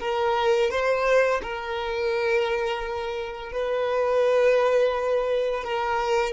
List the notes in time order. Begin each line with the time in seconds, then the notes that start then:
0.00 A#4
0.71 C5
1.43 A#4
3.53 B4
5.64 A#4